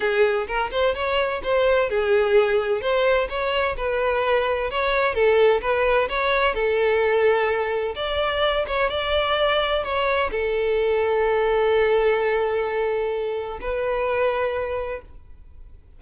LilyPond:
\new Staff \with { instrumentName = "violin" } { \time 4/4 \tempo 4 = 128 gis'4 ais'8 c''8 cis''4 c''4 | gis'2 c''4 cis''4 | b'2 cis''4 a'4 | b'4 cis''4 a'2~ |
a'4 d''4. cis''8 d''4~ | d''4 cis''4 a'2~ | a'1~ | a'4 b'2. | }